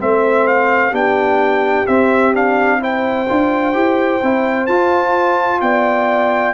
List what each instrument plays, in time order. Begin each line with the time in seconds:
0.00 tuba A3, trombone C4, horn C5, trumpet E5
0.47 trumpet F5
0.90 tuba B3, trombone D4, horn G4, trumpet G5
1.87 tuba C4, trombone C4, trumpet E5
2.33 trombone D4, trumpet F5
2.80 trombone E4, horn C5, trumpet G5
3.29 tuba D4, trombone F4
3.74 tuba E4, trombone G4
4.23 tuba C4, trombone E4
4.67 tuba F4, trombone F4, trumpet A5
5.61 tuba B3, horn D5, trumpet G5